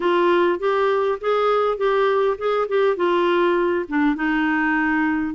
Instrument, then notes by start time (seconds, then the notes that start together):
clarinet
0.00 F4
0.59 G4
1.20 G#4
1.77 G4
2.38 G#4
2.68 G4
2.96 F4
3.88 D4
4.15 D#4